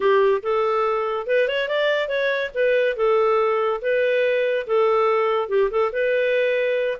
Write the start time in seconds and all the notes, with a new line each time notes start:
0.00 G4
0.42 A4
1.27 B4
1.48 C#5
1.68 D5
2.08 C#5
2.54 B4
2.96 A4
3.81 B4
4.66 A4
5.49 G4
5.70 A4
5.92 B4